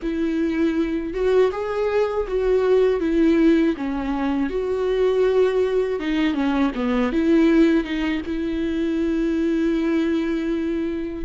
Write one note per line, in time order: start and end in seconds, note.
0.02 1.13 E4
1.13 1.51 F#4
1.51 2.26 G#4
2.27 3.00 F#4
3.00 3.75 E4
3.77 4.49 C#4
4.49 5.99 F#4
5.99 6.33 D#4
6.33 6.71 C#4
6.75 7.12 B3
7.12 7.83 E4
7.83 8.21 D#4
8.25 11.25 E4